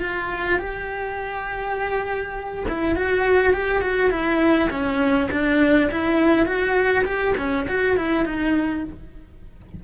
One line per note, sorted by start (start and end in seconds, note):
0.00 0.59 F4
0.59 2.65 G4
2.68 2.96 E4
2.96 3.53 F#4
3.53 3.82 G4
3.82 4.11 F#4
4.11 4.70 E4
4.70 5.29 C#4
5.31 5.90 D4
5.91 6.46 E4
6.46 7.05 F#4
7.05 7.34 G4
7.37 7.67 C#4
7.68 7.97 F#4
7.97 8.25 E4
8.25 8.84 D#4